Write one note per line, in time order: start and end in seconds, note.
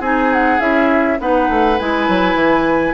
0.00 0.59 C4
0.00 0.59 D#4
0.00 1.18 G#4
0.00 0.33 G#5
0.33 0.60 F#5
0.59 1.19 C#4
0.59 1.18 E4
0.59 1.19 E5
1.19 1.49 B3
1.19 1.78 D#4
1.19 2.94 B4
1.19 1.79 F#5
1.49 1.79 A3
1.79 2.08 G#3
1.79 2.94 E4
1.79 2.94 G#5
2.08 2.34 F#3
2.34 2.93 E3